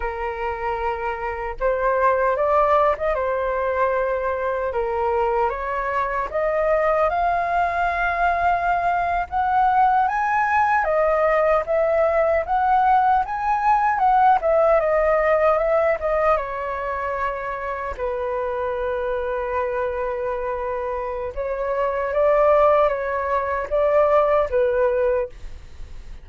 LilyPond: \new Staff \with { instrumentName = "flute" } { \time 4/4 \tempo 4 = 76 ais'2 c''4 d''8. dis''16 | c''2 ais'4 cis''4 | dis''4 f''2~ f''8. fis''16~ | fis''8. gis''4 dis''4 e''4 fis''16~ |
fis''8. gis''4 fis''8 e''8 dis''4 e''16~ | e''16 dis''8 cis''2 b'4~ b'16~ | b'2. cis''4 | d''4 cis''4 d''4 b'4 | }